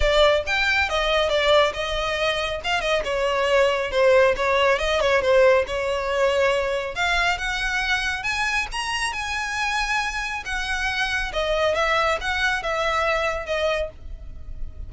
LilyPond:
\new Staff \with { instrumentName = "violin" } { \time 4/4 \tempo 4 = 138 d''4 g''4 dis''4 d''4 | dis''2 f''8 dis''8 cis''4~ | cis''4 c''4 cis''4 dis''8 cis''8 | c''4 cis''2. |
f''4 fis''2 gis''4 | ais''4 gis''2. | fis''2 dis''4 e''4 | fis''4 e''2 dis''4 | }